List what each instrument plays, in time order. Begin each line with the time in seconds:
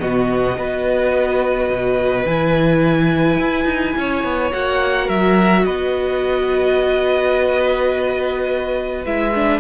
0.00 cello B2, viola B3, violin F#4 D#5
0.57 cello B3, viola F#4, violin B4
1.70 cello B2
2.25 cello E3, viola E4, violin G#5
3.39 cello E4
3.65 cello D#4
3.97 cello C#4, violin C#5
4.24 cello B3
4.52 cello A#3, viola F#4, violin F#5
5.06 cello F#3, violin A#4 E5
5.66 cello B3, violin B4 D#5
9.05 cello G#3, viola E4, violin E5
9.35 viola D4